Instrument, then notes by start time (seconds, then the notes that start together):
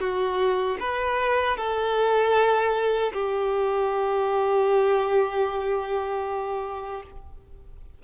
violin
0.00 F#4
0.80 B4
1.57 A4
3.13 G4